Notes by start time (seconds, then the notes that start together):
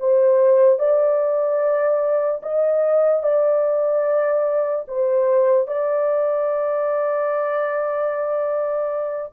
0.00 C5
0.80 D5
2.43 D#5
3.24 D5
4.88 C5
5.68 D5